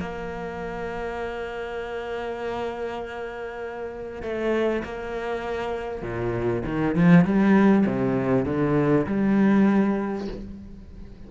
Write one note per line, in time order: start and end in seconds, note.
0.00 4.22 A#3
4.22 4.83 A3
4.84 6.02 A#3
6.02 6.63 A#2
6.65 6.95 D#3
6.95 7.25 F3
7.25 7.85 G3
7.86 8.45 C3
8.45 9.06 D3
9.06 10.28 G3